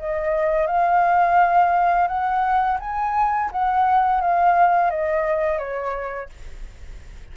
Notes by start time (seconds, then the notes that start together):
0.00 D#5
0.67 F5
2.08 F#5
2.80 G#5
3.52 F#5
4.21 F5
4.91 D#5
5.59 C#5